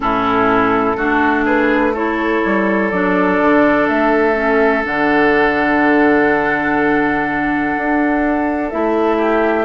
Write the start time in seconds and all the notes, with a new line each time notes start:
0.00 A2 C#4 E4 A4
0.96 A3 D4 F#4
1.45 G#4 B4
1.93 E4 A4 C#5
2.44 G3
2.90 F#3 D4 D5
3.41 D3
3.87 A3 E5
4.34 C#4
4.83 D3 D4 F#5
7.76 D4
8.70 A3 E4 E5
9.17 G4